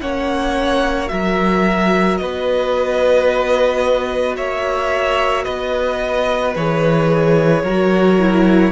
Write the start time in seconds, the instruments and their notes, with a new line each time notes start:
0.00 cello A#3, viola C#4, violin C#5 F#5
1.07 cello F#3, viola F#4, violin A#4 E5
2.17 cello B3, violin B4 D#5
4.36 cello A#3, violin C#5 E5
5.44 cello B3, violin B4 D#5
6.55 cello E3, viola G#4, violin C#5
7.63 cello F#3, viola F#4, violin A#4
8.20 viola E4